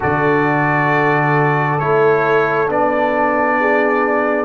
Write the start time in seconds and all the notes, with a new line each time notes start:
0.00 D3 F#4 A4 D5
1.79 A3 E4 C#5
2.67 B3 D4 D5
3.60 G#4